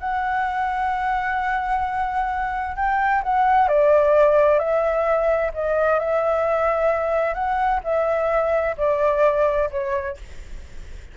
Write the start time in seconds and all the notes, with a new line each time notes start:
0.00 F#5
2.77 G5
3.23 F#5
3.69 D5
4.59 E5
5.54 D#5
6.00 E5
7.34 F#5
7.84 E5
8.78 D5
9.71 C#5